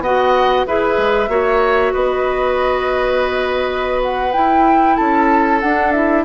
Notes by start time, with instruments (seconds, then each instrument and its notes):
0.00 bassoon B3, clarinet F#4, oboe D#5, flute F#5
0.67 bassoon E4, clarinet G#4, oboe B4, flute E5
0.97 bassoon G#3
1.29 bassoon A#3, clarinet F#4, oboe C#5
1.93 bassoon B3, oboe B4, flute D#5
4.02 flute F#5
4.33 clarinet E4, bassoon E4, flute G5
4.96 bassoon C#4, oboe A4, flute A5
5.60 bassoon D4, clarinet D4, flute F#5
5.92 clarinet E4, flute E5